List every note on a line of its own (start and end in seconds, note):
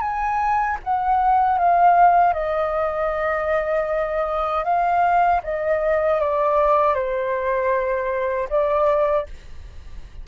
0.00 0.77 G#5
0.83 1.58 F#5
1.58 2.33 F5
2.33 4.64 D#5
4.64 5.41 F5
5.43 6.20 D#5
6.20 6.94 D5
6.94 8.48 C5
8.49 9.26 D5